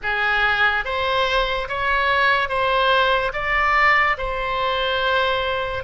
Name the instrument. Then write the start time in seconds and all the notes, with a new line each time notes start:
oboe
0.02 G#4
0.84 C5
1.68 C#5
2.48 C5
3.33 D5
4.17 C5